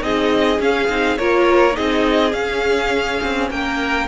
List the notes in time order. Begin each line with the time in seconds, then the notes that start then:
0.00 C4 D#4 G#4 D#5
0.59 C#4 F5
0.89 C4 D#4
1.18 A#3 F4 A#4 C#5
1.72 D#4 G#4 D#5
1.78 C4
2.33 C#4 F5
3.22 C4
3.50 A#3 A#4 G5